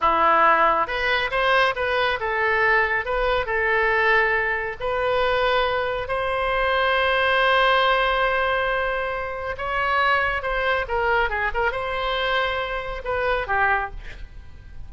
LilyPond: \new Staff \with { instrumentName = "oboe" } { \time 4/4 \tempo 4 = 138 e'2 b'4 c''4 | b'4 a'2 b'4 | a'2. b'4~ | b'2 c''2~ |
c''1~ | c''2 cis''2 | c''4 ais'4 gis'8 ais'8 c''4~ | c''2 b'4 g'4 | }